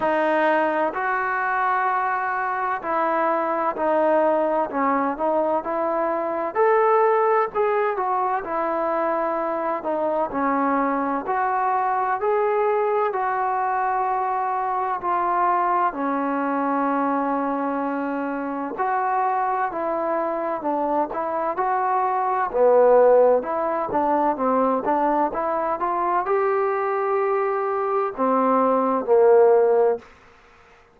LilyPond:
\new Staff \with { instrumentName = "trombone" } { \time 4/4 \tempo 4 = 64 dis'4 fis'2 e'4 | dis'4 cis'8 dis'8 e'4 a'4 | gis'8 fis'8 e'4. dis'8 cis'4 | fis'4 gis'4 fis'2 |
f'4 cis'2. | fis'4 e'4 d'8 e'8 fis'4 | b4 e'8 d'8 c'8 d'8 e'8 f'8 | g'2 c'4 ais4 | }